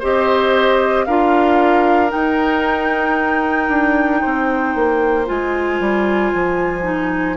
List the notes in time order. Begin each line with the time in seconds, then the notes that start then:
0.00 C4 G4 C5 D#5
1.05 D4 F4 A#4 F5
2.09 D#4 G5
2.15 D#4
3.69 D4
4.21 C4 C5
4.76 A#3
5.26 G#3 F4 G#5
5.80 G3
6.34 F3
6.83 D#4